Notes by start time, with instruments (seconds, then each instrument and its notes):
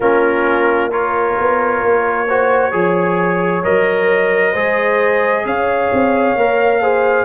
0.00 tuba A#3, trombone C#4, horn F4, trumpet A#4
0.90 trombone F4, horn A#4, trumpet C#5
1.38 tuba B3
1.82 tuba A#3
2.27 trombone F#4, horn C5
2.71 tuba F3, trombone G#4, horn C#5
3.63 tuba F#3, trombone A#4, trumpet D#5
4.51 tuba G#3, trombone G#4, horn C5
5.45 tuba C#4, horn C#5, trumpet F5
5.92 tuba C4
6.35 tuba A#3, trombone A#4
6.82 trombone G#4, horn C5